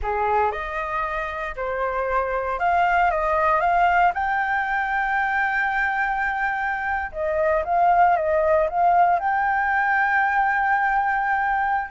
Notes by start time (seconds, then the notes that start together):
0.02 G#4
0.51 D#5
1.56 C5
2.59 F5
3.10 D#5
3.60 F5
4.14 G5
7.11 D#5
7.64 F5
8.16 D#5
8.69 F5
9.19 G5